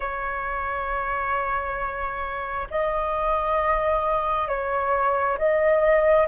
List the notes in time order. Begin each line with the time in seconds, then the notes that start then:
0.00 C#5
2.70 D#5
4.48 C#5
5.37 D#5